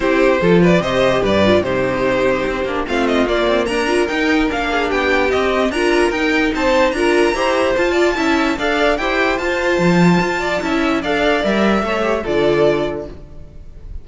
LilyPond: <<
  \new Staff \with { instrumentName = "violin" } { \time 4/4 \tempo 4 = 147 c''4. d''8 dis''4 d''4 | c''2. f''8 dis''8 | d''4 ais''4 g''4 f''4 | g''4 dis''4 ais''4 g''4 |
a''4 ais''2 a''4~ | a''4 f''4 g''4 a''4~ | a''2. f''4 | e''2 d''2 | }
  \new Staff \with { instrumentName = "violin" } { \time 4/4 g'4 a'8 b'8 c''4 b'4 | g'2. f'4~ | f'4 ais'2~ ais'8 gis'8 | g'2 ais'2 |
c''4 ais'4 c''4. d''8 | e''4 d''4 c''2~ | c''4. d''8 e''4 d''4~ | d''4 cis''4 a'2 | }
  \new Staff \with { instrumentName = "viola" } { \time 4/4 e'4 f'4 g'4. f'8 | dis'2~ dis'8 d'8 c'4 | ais4. f'8 dis'4 d'4~ | d'4 c'4 f'4 dis'4~ |
dis'4 f'4 g'4 f'4 | e'4 a'4 g'4 f'4~ | f'2 e'4 a'4 | ais'4 a'8 g'8 f'2 | }
  \new Staff \with { instrumentName = "cello" } { \time 4/4 c'4 f4 c4 g,4 | c2 c'8 ais8 a4 | ais8 c'8 d'4 dis'4 ais4 | b4 c'4 d'4 dis'4 |
c'4 d'4 e'4 f'4 | cis'4 d'4 e'4 f'4 | f4 f'4 cis'4 d'4 | g4 a4 d2 | }
>>